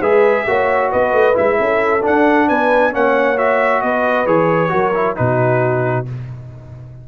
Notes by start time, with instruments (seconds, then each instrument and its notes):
0.00 tuba G#3, trombone G#4, horn B4, trumpet E5
0.47 tuba A#3, trombone F#4, horn C#5
0.91 tuba B3, horn B4, trumpet D#5
1.13 tuba A3
1.34 tuba G#3, trombone E4, trumpet E5
1.59 tuba C#4, horn A4
2.02 trombone D4, tuba D4, trumpet F#5
2.48 tuba B3, horn B4, trumpet G#5
2.92 tuba A#3, trombone C#4, horn C#5, trumpet F#5
3.37 trombone F#4, trumpet E5
3.82 tuba B3, horn B4, trumpet D#5
4.26 tuba E3, trombone G#4, trumpet C#5
4.69 tuba F#3, trombone F#4, horn A#4
4.94 trombone E4
5.16 tuba B2, trombone D#4, horn F#4, trumpet B4